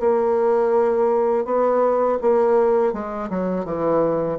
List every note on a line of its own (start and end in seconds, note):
0.00 1.45 A#3
1.45 2.18 B3
2.22 2.93 A#3
2.93 3.30 G#3
3.30 3.65 F#3
3.65 4.38 E3